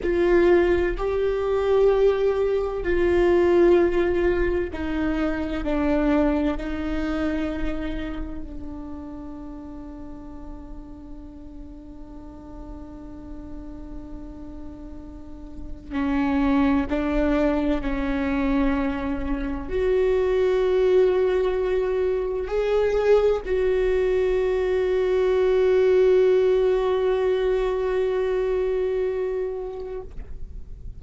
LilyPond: \new Staff \with { instrumentName = "viola" } { \time 4/4 \tempo 4 = 64 f'4 g'2 f'4~ | f'4 dis'4 d'4 dis'4~ | dis'4 d'2.~ | d'1~ |
d'4 cis'4 d'4 cis'4~ | cis'4 fis'2. | gis'4 fis'2.~ | fis'1 | }